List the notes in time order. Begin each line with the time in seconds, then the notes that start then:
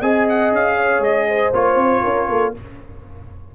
0.00 C4 G#4 D#5 G#5
0.28 F#5
0.51 C#4 F5
0.76 C#5
1.00 G#3 D#5
1.28 C5
1.53 A#3 F4 C#5
1.75 C4
2.03 C#4 A#4
2.28 A#3 A4